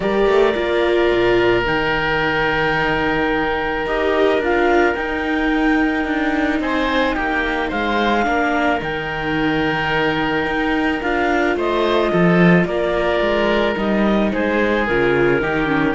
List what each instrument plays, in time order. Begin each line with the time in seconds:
0.00 cello G3, viola G4, oboe A#4, clarinet D5
0.26 cello A3
0.54 cello A#3, viola F4
1.12 cello A#2
1.65 cello D#3, viola D#4, clarinet G5
3.85 cello D#4, viola G4, clarinet D#5
4.38 cello D4, viola F4, clarinet F5
4.94 viola D#4, cello D#4, clarinet G5
6.04 cello D4
6.60 cello C4, oboe C5, clarinet G#5
7.14 cello A#3, oboe G4, clarinet G5
7.68 cello G#3, oboe C5, clarinet F5
8.23 cello A#3, viola D4, oboe A#4
8.79 cello D#3, viola D#4, clarinet G5
10.45 cello D#4
11.02 cello D4, viola F4, clarinet F5
11.56 cello A3, oboe C5, clarinet D#5
12.11 cello F3, oboe A4
12.65 cello A#3, oboe A#4, clarinet D5
13.20 cello G#3
13.76 cello G3, viola D#4, clarinet D#5
14.31 cello G#3, oboe G#4, clarinet C5
14.86 cello C#3, viola F4, clarinet A#4
15.40 cello D#3, viola D#4, oboe G4
15.66 viola C#4